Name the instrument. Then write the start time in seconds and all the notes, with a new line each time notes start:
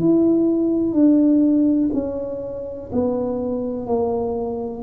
tuba
0.00 E4
0.93 D4
1.94 C#4
2.93 B3
3.87 A#3